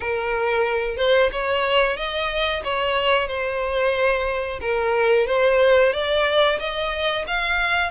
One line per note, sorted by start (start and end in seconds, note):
0.00 0.97 A#4
0.97 1.29 C5
1.32 1.96 C#5
1.96 2.62 D#5
2.64 3.27 C#5
3.27 4.59 C5
4.60 5.26 A#4
5.27 5.93 C5
5.93 6.58 D5
6.59 7.25 D#5
7.27 7.90 F5